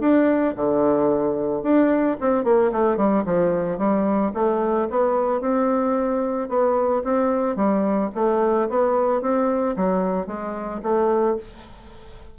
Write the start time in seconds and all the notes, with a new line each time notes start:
0.00 D4
0.56 D3
1.63 D4
2.20 C4
2.44 A#3
2.72 A3
2.97 G3
3.25 F3
3.78 G3
4.34 A3
4.90 B3
5.41 C4
6.49 B3
7.04 C4
7.56 G3
8.15 A3
8.69 B3
9.21 C4
9.77 F#3
10.27 G#3
10.83 A3